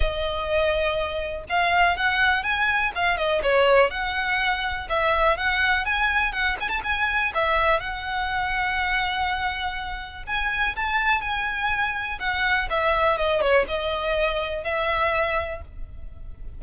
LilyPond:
\new Staff \with { instrumentName = "violin" } { \time 4/4 \tempo 4 = 123 dis''2. f''4 | fis''4 gis''4 f''8 dis''8 cis''4 | fis''2 e''4 fis''4 | gis''4 fis''8 gis''16 a''16 gis''4 e''4 |
fis''1~ | fis''4 gis''4 a''4 gis''4~ | gis''4 fis''4 e''4 dis''8 cis''8 | dis''2 e''2 | }